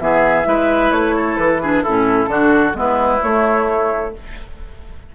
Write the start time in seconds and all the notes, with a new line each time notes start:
0.00 E3 B3 G#4 E5
0.45 G#3 E4 B4
0.92 A3 C#5
1.16 A4
1.37 E3 B4
1.62 D4 G#4
1.83 A2 C#4 E4 A4
2.28 D3 D4 F#4
2.74 G#3 B3 E4 B4
3.22 A3 C#5